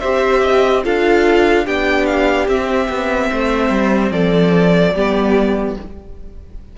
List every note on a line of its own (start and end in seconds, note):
0.00 0.86 C4
0.00 0.84 G4
0.00 0.41 C5
0.00 0.82 E5
0.42 0.83 D#5
0.84 1.67 D4
0.84 1.66 F4
0.84 1.65 A4
0.84 1.67 F5
1.65 2.48 B3
1.65 2.48 D4
1.65 3.30 G4
1.65 2.06 G5
2.06 2.47 F5
2.48 2.89 C4
2.48 4.95 C4
2.48 4.12 E5
2.89 3.30 B3
3.31 3.70 A3
3.31 4.12 C5
3.70 4.11 G3
4.11 4.93 F3
4.11 4.94 A4
4.11 5.76 D5
4.94 5.77 G3
4.94 5.78 B3
4.94 5.76 G4